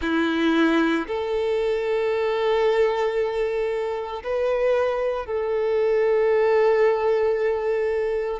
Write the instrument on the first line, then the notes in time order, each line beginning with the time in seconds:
violin
0.01 E4
1.07 A4
4.23 B4
5.26 A4